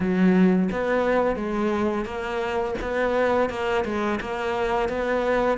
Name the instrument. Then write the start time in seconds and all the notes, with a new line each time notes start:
cello
0.00 F#3
0.71 B3
1.36 G#3
2.05 A#3
2.81 B3
3.49 A#3
3.84 G#3
4.20 A#3
4.88 B3